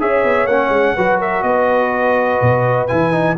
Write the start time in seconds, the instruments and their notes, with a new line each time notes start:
0.00 tuba C#4, trombone G#4, horn C#5, trumpet E5
0.24 tuba B3
0.46 tuba A#3, trombone C#4, trumpet F#5
0.69 tuba G#3
0.95 tuba F#3, trombone F#4, horn B4
1.20 horn A#4, trumpet E5
1.42 tuba B3, horn B4, trumpet D#5
2.41 tuba B2
2.88 tuba E3, trombone E4, trumpet G#5
3.12 trombone D#4